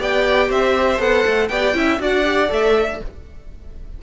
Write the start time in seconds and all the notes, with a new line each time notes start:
0.00 B3 G4 D5 G5
0.49 C4 C5 E5
0.98 B3 A4 F#5
1.27 A3
1.48 B3 G4 D5 G5
1.74 C#4 E4 E5
2.00 D4 F#4 D5 F#5
2.25 G4
2.49 A3 A4 E5